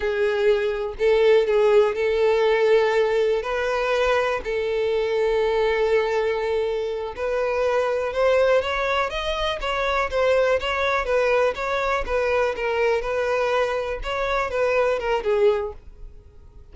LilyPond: \new Staff \with { instrumentName = "violin" } { \time 4/4 \tempo 4 = 122 gis'2 a'4 gis'4 | a'2. b'4~ | b'4 a'2.~ | a'2~ a'8 b'4.~ |
b'8 c''4 cis''4 dis''4 cis''8~ | cis''8 c''4 cis''4 b'4 cis''8~ | cis''8 b'4 ais'4 b'4.~ | b'8 cis''4 b'4 ais'8 gis'4 | }